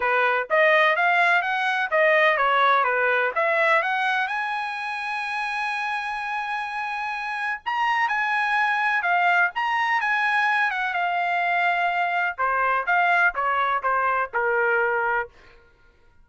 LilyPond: \new Staff \with { instrumentName = "trumpet" } { \time 4/4 \tempo 4 = 126 b'4 dis''4 f''4 fis''4 | dis''4 cis''4 b'4 e''4 | fis''4 gis''2.~ | gis''1 |
ais''4 gis''2 f''4 | ais''4 gis''4. fis''8 f''4~ | f''2 c''4 f''4 | cis''4 c''4 ais'2 | }